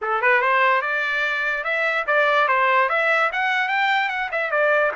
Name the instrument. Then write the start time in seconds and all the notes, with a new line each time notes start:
trumpet
0.01 A4
0.21 B4
0.41 C5
0.81 D5
1.63 E5
2.06 D5
2.48 C5
2.89 E5
3.32 F#5
3.68 G5
4.09 F#5
4.31 E5
4.50 D5